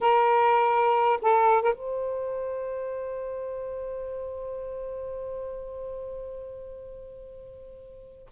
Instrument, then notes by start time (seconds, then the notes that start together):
saxophone
0.00 A#4
1.21 A4
1.62 A#4
1.74 C5